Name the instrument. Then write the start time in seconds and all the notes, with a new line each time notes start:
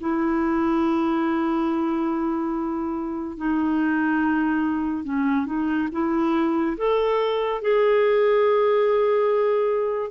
clarinet
0.00 E4
3.37 D#4
5.04 C#4
5.46 D#4
5.92 E4
6.77 A4
7.62 G#4